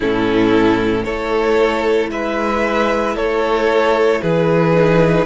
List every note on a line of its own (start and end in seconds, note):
0.00 1.06 A2
0.00 1.05 C#4
0.00 1.03 E4
0.00 1.04 A4
1.04 2.10 A3
1.04 4.73 E4
1.04 2.10 A4
1.04 2.09 C#5
2.10 3.15 G#3
2.10 3.15 B4
2.10 3.16 E5
3.15 4.20 A3
3.15 4.21 A4
3.15 4.21 C#5
4.21 5.26 E3
4.21 5.26 G#4
4.21 5.26 B4
4.73 5.26 D#4